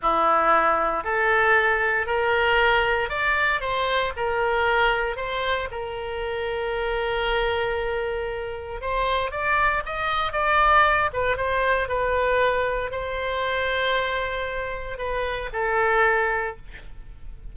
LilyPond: \new Staff \with { instrumentName = "oboe" } { \time 4/4 \tempo 4 = 116 e'2 a'2 | ais'2 d''4 c''4 | ais'2 c''4 ais'4~ | ais'1~ |
ais'4 c''4 d''4 dis''4 | d''4. b'8 c''4 b'4~ | b'4 c''2.~ | c''4 b'4 a'2 | }